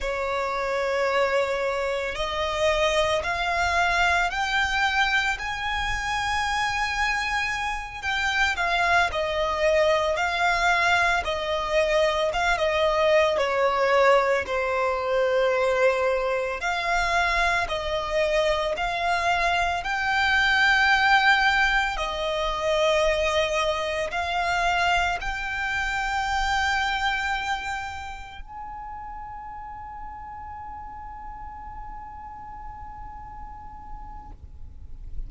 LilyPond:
\new Staff \with { instrumentName = "violin" } { \time 4/4 \tempo 4 = 56 cis''2 dis''4 f''4 | g''4 gis''2~ gis''8 g''8 | f''8 dis''4 f''4 dis''4 f''16 dis''16~ | dis''8 cis''4 c''2 f''8~ |
f''8 dis''4 f''4 g''4.~ | g''8 dis''2 f''4 g''8~ | g''2~ g''8 gis''4.~ | gis''1 | }